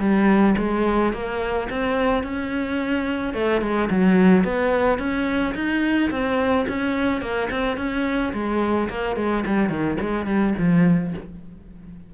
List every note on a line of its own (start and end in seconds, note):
0.00 0.56 G3
0.58 1.13 G#3
1.13 1.69 A#3
1.70 2.24 C4
2.24 3.34 C#4
3.34 3.62 A3
3.62 3.89 G#3
3.91 4.44 F#3
4.44 4.99 B3
4.99 5.55 C#4
5.55 6.10 D#4
6.11 6.66 C4
6.68 7.21 C#4
7.21 7.49 A#3
7.51 7.77 C4
7.77 8.33 C#4
8.34 8.89 G#3
8.90 9.16 A#3
9.16 9.44 G#3
9.46 9.69 G3
9.69 9.97 D#3
10.01 10.27 G#3
10.27 10.54 G3
10.58 11.14 F3